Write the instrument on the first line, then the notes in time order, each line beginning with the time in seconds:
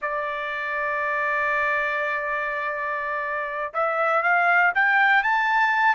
trumpet
0.01 D5
3.73 E5
4.22 F5
4.75 G5
5.23 A5